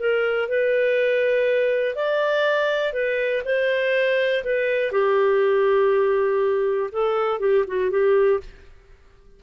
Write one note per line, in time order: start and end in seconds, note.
0.00 0.49 A#4
0.49 1.96 B4
1.96 2.93 D5
2.93 3.43 B4
3.45 4.44 C5
4.45 4.92 B4
4.92 6.90 G4
6.92 7.40 A4
7.40 7.65 G4
7.68 7.91 F#4
7.91 8.41 G4